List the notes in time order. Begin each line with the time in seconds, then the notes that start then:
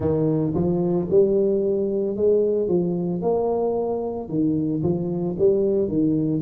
0.00 D#3
0.54 F3
1.10 G3
2.16 G#3
2.68 F3
3.21 A#3
4.29 D#3
4.82 F3
5.38 G3
5.87 D#3